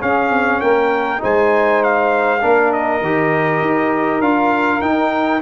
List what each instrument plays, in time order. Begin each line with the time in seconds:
0.00 trombone C#4, tuba C#4, saxophone G#4, trumpet F5
0.30 tuba C4
0.60 tuba A#3, saxophone A#4, trumpet G5
1.18 tuba G#3, trombone D#4, saxophone C5, trumpet G#5
1.83 trumpet F5
2.41 tuba A#3, trombone D4, saxophone A#4
2.73 trumpet D#5
3.01 tuba D#3, trombone G4
3.60 tuba D#4
4.20 tuba D4, trombone F4, trumpet F5
4.81 tuba D#4, trombone D#4, trumpet G5